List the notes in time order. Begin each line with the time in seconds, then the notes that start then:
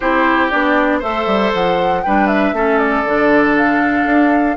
0.00 C4 E4 G4 C5
0.49 B3 D4 D5
0.99 A3 A4 C5 E5
1.26 G3
1.54 F3 F#5
2.03 G3 D4 B4 G5
2.27 E5
2.52 A3 C#4 A4
2.77 D5
3.05 D3 D4
3.56 F5
4.05 D4